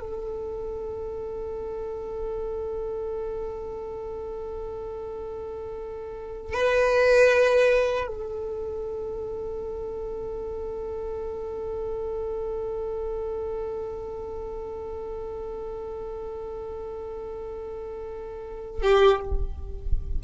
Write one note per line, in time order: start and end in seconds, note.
0.00 6.53 A4
6.53 8.07 B4
8.07 18.82 A4
18.82 19.20 G4